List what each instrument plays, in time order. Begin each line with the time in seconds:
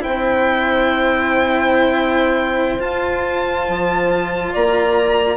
0.00 cello E4, horn C5, violin G5
0.06 bassoon C4
2.79 cello F4, bassoon F4, violin A5
3.68 bassoon F3
4.52 bassoon A#3, horn D5, violin A#5